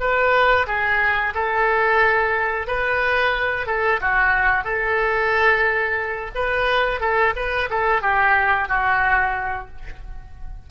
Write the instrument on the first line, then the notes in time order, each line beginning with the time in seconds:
oboe
0.00 B4
0.67 G#4
1.35 A4
2.67 B4
3.67 A4
4.01 F#4
4.64 A4
6.35 B4
7.01 A4
7.36 B4
7.70 A4
8.02 G4
8.68 F#4